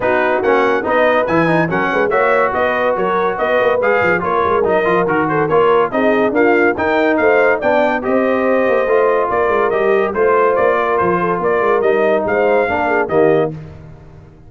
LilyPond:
<<
  \new Staff \with { instrumentName = "trumpet" } { \time 4/4 \tempo 4 = 142 b'4 fis''4 dis''4 gis''4 | fis''4 e''4 dis''4 cis''4 | dis''4 f''4 cis''4 dis''4 | ais'8 c''8 cis''4 dis''4 f''4 |
g''4 f''4 g''4 dis''4~ | dis''2 d''4 dis''4 | c''4 d''4 c''4 d''4 | dis''4 f''2 dis''4 | }
  \new Staff \with { instrumentName = "horn" } { \time 4/4 fis'2 b'2 | ais'8 b'8 cis''4 b'4 ais'4 | b'2 ais'2~ | ais'8 a'8 ais'4 gis'4 f'4 |
ais'4 c''4 d''4 c''4~ | c''2 ais'2 | c''4. ais'4 a'8 ais'4~ | ais'4 c''4 ais'8 gis'8 g'4 | }
  \new Staff \with { instrumentName = "trombone" } { \time 4/4 dis'4 cis'4 dis'4 e'8 dis'8 | cis'4 fis'2.~ | fis'4 gis'4 f'4 dis'8 f'8 | fis'4 f'4 dis'4 ais4 |
dis'2 d'4 g'4~ | g'4 f'2 g'4 | f'1 | dis'2 d'4 ais4 | }
  \new Staff \with { instrumentName = "tuba" } { \time 4/4 b4 ais4 b4 e4 | fis8 gis8 ais4 b4 fis4 | b8 ais8 gis8 f8 ais8 gis8 fis8 f8 | dis4 ais4 c'4 d'4 |
dis'4 a4 b4 c'4~ | c'8 ais8 a4 ais8 gis8 g4 | a4 ais4 f4 ais8 gis8 | g4 gis4 ais4 dis4 | }
>>